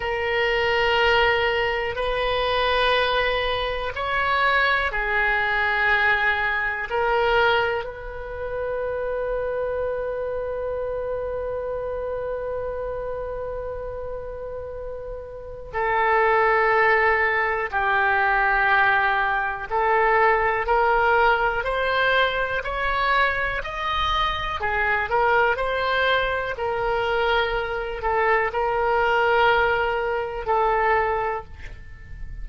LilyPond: \new Staff \with { instrumentName = "oboe" } { \time 4/4 \tempo 4 = 61 ais'2 b'2 | cis''4 gis'2 ais'4 | b'1~ | b'1 |
a'2 g'2 | a'4 ais'4 c''4 cis''4 | dis''4 gis'8 ais'8 c''4 ais'4~ | ais'8 a'8 ais'2 a'4 | }